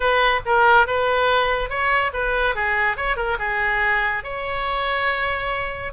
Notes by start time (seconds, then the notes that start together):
0.00 B4
0.45 A#4
0.86 B4
1.69 C#5
2.13 B4
2.55 G#4
2.97 C#5
3.16 A#4
3.39 G#4
4.23 C#5